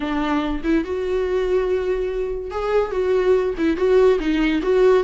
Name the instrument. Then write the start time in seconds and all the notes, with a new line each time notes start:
viola
0.00 D4
0.63 E4
0.84 F#4
2.50 G#4
2.91 F#4
3.57 E4
3.76 F#4
4.19 D#4
4.62 F#4